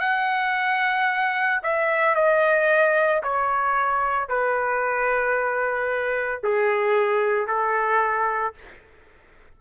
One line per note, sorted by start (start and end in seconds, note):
0.00 1.61 F#5
1.63 2.15 E5
2.15 3.22 D#5
3.23 4.29 C#5
4.29 6.43 B4
6.43 7.47 G#4
7.47 8.54 A4